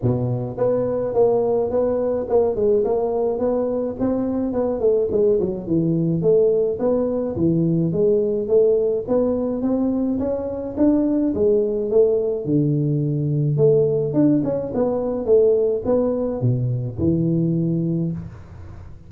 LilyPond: \new Staff \with { instrumentName = "tuba" } { \time 4/4 \tempo 4 = 106 b,4 b4 ais4 b4 | ais8 gis8 ais4 b4 c'4 | b8 a8 gis8 fis8 e4 a4 | b4 e4 gis4 a4 |
b4 c'4 cis'4 d'4 | gis4 a4 d2 | a4 d'8 cis'8 b4 a4 | b4 b,4 e2 | }